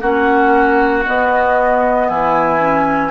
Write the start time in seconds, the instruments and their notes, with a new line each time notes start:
0.00 bassoon A#3, clarinet C#4, oboe F#4, flute F#5
1.06 clarinet B3, bassoon B3, flute D#5
2.09 bassoon E3, oboe E4, flute G#5
2.60 clarinet C#4